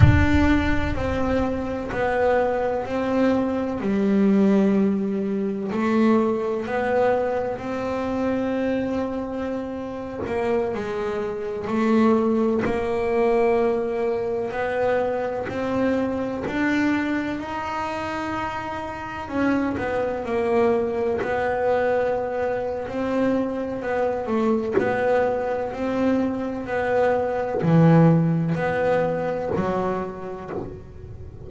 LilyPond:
\new Staff \with { instrumentName = "double bass" } { \time 4/4 \tempo 4 = 63 d'4 c'4 b4 c'4 | g2 a4 b4 | c'2~ c'8. ais8 gis8.~ | gis16 a4 ais2 b8.~ |
b16 c'4 d'4 dis'4.~ dis'16~ | dis'16 cis'8 b8 ais4 b4.~ b16 | c'4 b8 a8 b4 c'4 | b4 e4 b4 fis4 | }